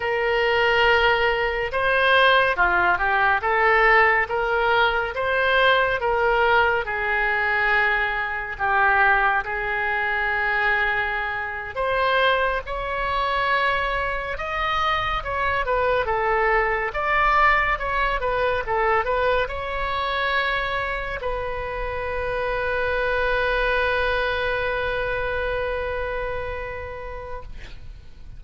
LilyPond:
\new Staff \with { instrumentName = "oboe" } { \time 4/4 \tempo 4 = 70 ais'2 c''4 f'8 g'8 | a'4 ais'4 c''4 ais'4 | gis'2 g'4 gis'4~ | gis'4.~ gis'16 c''4 cis''4~ cis''16~ |
cis''8. dis''4 cis''8 b'8 a'4 d''16~ | d''8. cis''8 b'8 a'8 b'8 cis''4~ cis''16~ | cis''8. b'2.~ b'16~ | b'1 | }